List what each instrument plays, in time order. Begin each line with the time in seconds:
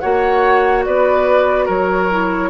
0.00 bassoon A#3, clarinet F#4, oboe C#5, flute F#5
0.85 bassoon B3, oboe B4, flute D5
1.66 bassoon F#3, oboe A#4, flute C#5
2.11 clarinet E4